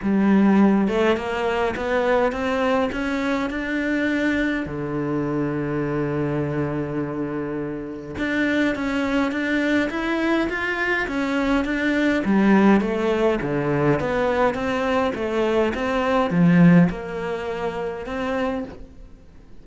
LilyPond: \new Staff \with { instrumentName = "cello" } { \time 4/4 \tempo 4 = 103 g4. a8 ais4 b4 | c'4 cis'4 d'2 | d1~ | d2 d'4 cis'4 |
d'4 e'4 f'4 cis'4 | d'4 g4 a4 d4 | b4 c'4 a4 c'4 | f4 ais2 c'4 | }